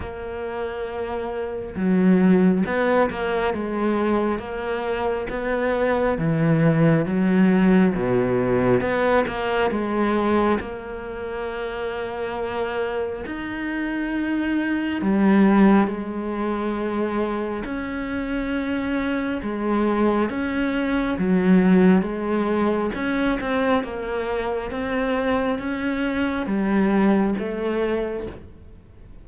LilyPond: \new Staff \with { instrumentName = "cello" } { \time 4/4 \tempo 4 = 68 ais2 fis4 b8 ais8 | gis4 ais4 b4 e4 | fis4 b,4 b8 ais8 gis4 | ais2. dis'4~ |
dis'4 g4 gis2 | cis'2 gis4 cis'4 | fis4 gis4 cis'8 c'8 ais4 | c'4 cis'4 g4 a4 | }